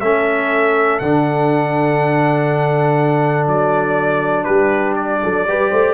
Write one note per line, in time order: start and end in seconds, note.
0.00 1.01 A3
0.00 1.02 C#4
0.00 4.46 A4
0.00 0.99 E5
0.99 3.47 D3
0.99 5.48 D4
0.99 3.47 F#5
3.47 4.46 F#3
3.47 4.44 D5
4.44 5.23 G3
4.44 5.20 G4
4.44 4.94 B4
4.96 5.94 D5
5.23 5.46 F#3
5.23 5.48 A4
5.46 5.71 G3
5.46 5.94 G4
5.46 5.70 B4
5.70 5.94 A3
5.70 5.94 C5